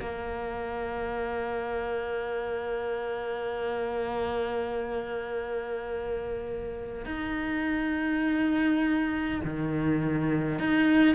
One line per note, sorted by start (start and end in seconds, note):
0.00 7.05 A#3
7.05 9.41 D#4
9.44 10.59 D#3
10.59 11.15 D#4